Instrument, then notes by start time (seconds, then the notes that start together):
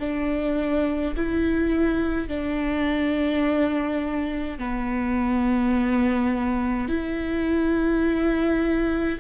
viola
0.00 D4
1.16 E4
2.28 D4
4.59 B3
6.89 E4